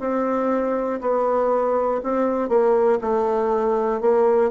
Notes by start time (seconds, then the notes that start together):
0.00 C4
1.01 B3
2.03 C4
2.49 A#3
3.01 A3
4.00 A#3